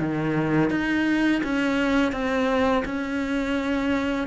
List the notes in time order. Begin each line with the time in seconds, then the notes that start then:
0.00 D#3
0.70 D#4
1.44 C#4
2.12 C4
2.85 C#4